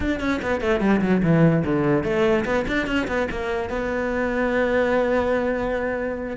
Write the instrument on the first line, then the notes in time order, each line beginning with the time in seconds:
cello
0.00 D4
0.20 C#4
0.42 B3
0.61 A3
0.80 G3
1.01 F#3
1.23 E3
1.64 D3
2.03 A3
2.45 B3
2.67 D4
2.86 C#4
3.07 B3
3.31 A#3
3.69 B3